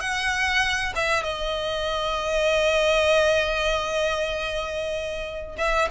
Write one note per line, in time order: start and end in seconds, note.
0.00 0.93 F#5
0.95 1.23 E5
1.23 5.56 D#5
5.57 5.88 E5